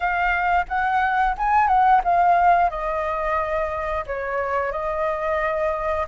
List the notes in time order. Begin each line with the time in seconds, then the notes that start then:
0.00 F5
0.68 F#5
1.37 G#5
1.67 F#5
2.03 F5
2.70 D#5
4.06 C#5
4.71 D#5